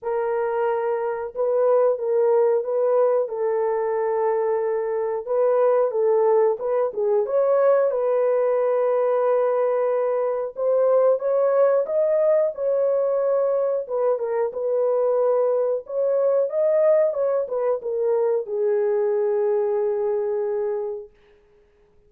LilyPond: \new Staff \with { instrumentName = "horn" } { \time 4/4 \tempo 4 = 91 ais'2 b'4 ais'4 | b'4 a'2. | b'4 a'4 b'8 gis'8 cis''4 | b'1 |
c''4 cis''4 dis''4 cis''4~ | cis''4 b'8 ais'8 b'2 | cis''4 dis''4 cis''8 b'8 ais'4 | gis'1 | }